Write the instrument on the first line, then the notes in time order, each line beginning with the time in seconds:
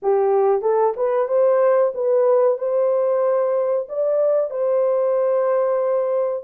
horn
0.02 G4
0.61 A4
0.96 B4
1.28 C5
1.94 B4
2.58 C5
3.89 D5
4.50 C5